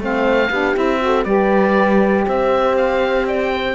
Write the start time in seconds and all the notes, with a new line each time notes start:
0.00 A3 C4 C5 F5
0.49 B3 D4 G4
0.76 C4 E4 E5
1.01 F#4 A4
1.25 G3 G4 B4 D5
2.27 C4 C5 E5
2.77 F5
3.28 D5 G5
3.55 C5